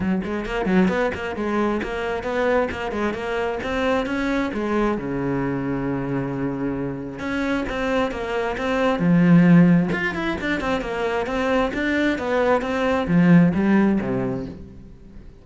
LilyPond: \new Staff \with { instrumentName = "cello" } { \time 4/4 \tempo 4 = 133 fis8 gis8 ais8 fis8 b8 ais8 gis4 | ais4 b4 ais8 gis8 ais4 | c'4 cis'4 gis4 cis4~ | cis1 |
cis'4 c'4 ais4 c'4 | f2 f'8 e'8 d'8 c'8 | ais4 c'4 d'4 b4 | c'4 f4 g4 c4 | }